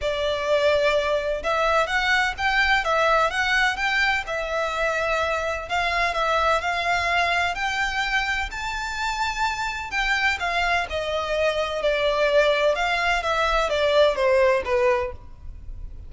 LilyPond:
\new Staff \with { instrumentName = "violin" } { \time 4/4 \tempo 4 = 127 d''2. e''4 | fis''4 g''4 e''4 fis''4 | g''4 e''2. | f''4 e''4 f''2 |
g''2 a''2~ | a''4 g''4 f''4 dis''4~ | dis''4 d''2 f''4 | e''4 d''4 c''4 b'4 | }